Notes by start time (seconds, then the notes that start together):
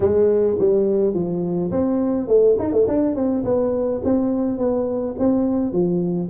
0.00 G#3
0.58 G3
1.14 F3
1.71 C4
2.27 A3
2.58 D#4
2.72 A3
2.87 D4
3.15 C4
3.44 B3
4.04 C4
4.57 B3
5.18 C4
5.72 F3